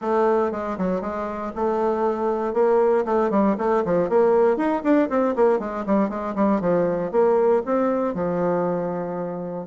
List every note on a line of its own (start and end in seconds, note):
0.01 0.51 A3
0.51 0.77 G#3
0.77 1.01 F#3
1.01 1.52 G#3
1.55 2.53 A3
2.53 3.04 A#3
3.05 3.30 A3
3.30 3.56 G3
3.58 3.83 A3
3.85 4.09 F3
4.09 4.56 A#3
4.56 4.82 D#4
4.83 5.08 D4
5.09 5.34 C4
5.35 5.59 A#3
5.59 5.84 G#3
5.85 6.09 G3
6.09 6.34 G#3
6.35 6.60 G3
6.61 7.11 F3
7.11 7.62 A#3
7.65 8.14 C4
8.14 9.66 F3